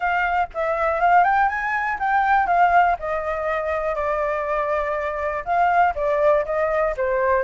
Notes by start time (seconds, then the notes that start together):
0.00 F5
0.54 E5
1.00 F5
1.24 G5
1.49 G#5
1.99 G5
2.46 F5
2.99 D#5
3.95 D5
5.44 F5
5.95 D5
6.45 D#5
6.96 C5